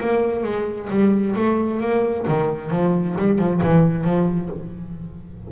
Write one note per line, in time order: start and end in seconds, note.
0.00 0.43 A#3
0.43 0.88 G#3
0.90 1.35 G3
1.35 1.80 A3
1.80 2.26 A#3
2.27 2.70 D#3
2.70 3.15 F3
3.18 3.38 G3
3.38 3.61 F3
3.63 4.04 E3
4.04 4.49 F3